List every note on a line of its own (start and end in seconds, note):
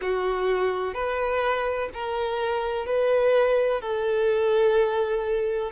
0.01 0.94 F#4
0.94 1.89 B4
1.93 2.86 A#4
2.86 3.81 B4
3.81 5.71 A4